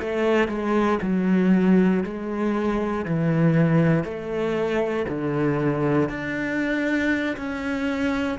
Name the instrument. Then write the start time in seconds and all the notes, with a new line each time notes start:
cello
0.00 A3
0.48 G#3
1.02 F#3
2.04 G#3
3.06 E3
4.04 A3
5.08 D3
6.09 D4
7.37 C#4